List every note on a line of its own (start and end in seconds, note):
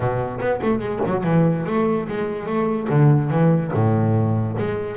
0.00 0.39 B2
0.39 0.60 B3
0.62 0.79 A3
0.79 0.99 G#3
1.05 1.23 F#3
1.23 1.65 E3
1.66 2.07 A3
2.07 2.46 G#3
2.46 2.87 A3
2.89 3.30 D3
3.30 3.71 E3
3.73 4.56 A2
4.58 4.96 G#3